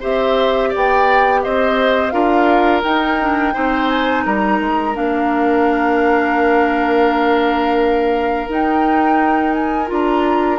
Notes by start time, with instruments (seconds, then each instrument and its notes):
0.00 bassoon C4, clarinet G4, oboe C5, flute E5
0.69 oboe D5
0.75 bassoon B3, flute G5
1.43 bassoon C4, oboe C5, flute D#5
2.10 bassoon D4, clarinet F4, oboe A#4, flute F5
2.83 clarinet D#4, bassoon D#4, flute G5
3.21 clarinet D4
3.53 bassoon C4, clarinet D#4, oboe C5
3.89 flute G#5
4.25 bassoon G3, oboe A#4, flute A#5
4.60 bassoon G#3
4.93 bassoon A#3, clarinet D4, flute F5
8.48 bassoon D#4, clarinet D#4, flute G5
9.53 flute G#5
9.87 bassoon D4, clarinet F4, flute A#5